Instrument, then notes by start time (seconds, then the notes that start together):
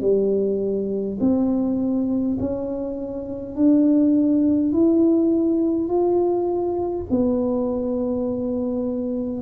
tuba
0.00 G3
1.20 C4
2.40 C#4
3.56 D4
4.72 E4
5.88 F4
7.10 B3